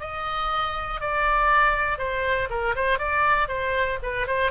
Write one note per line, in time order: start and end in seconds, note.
0.00 1.01 D#5
1.01 1.98 D5
1.98 2.49 C5
2.50 2.75 A#4
2.75 2.99 C5
2.99 3.48 D5
3.48 3.99 C5
4.02 4.27 B4
4.27 4.51 C5